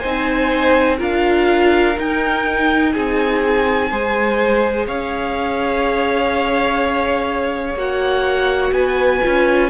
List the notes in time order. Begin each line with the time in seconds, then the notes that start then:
0.00 C4 D#4 C5 G#5
0.99 D4 F4 A#4 F5
1.97 D#4 G5
2.93 C4 G#4 G#5
3.92 G#3 G#4 C5
4.87 C#4 C#5 F5
7.75 A#3 F#4 F#5
8.72 B3 B4 G#5
9.23 C#4 F4